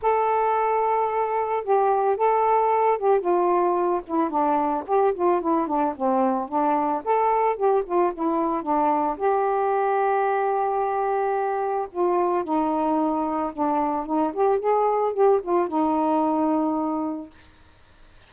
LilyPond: \new Staff \with { instrumentName = "saxophone" } { \time 4/4 \tempo 4 = 111 a'2. g'4 | a'4. g'8 f'4. e'8 | d'4 g'8 f'8 e'8 d'8 c'4 | d'4 a'4 g'8 f'8 e'4 |
d'4 g'2.~ | g'2 f'4 dis'4~ | dis'4 d'4 dis'8 g'8 gis'4 | g'8 f'8 dis'2. | }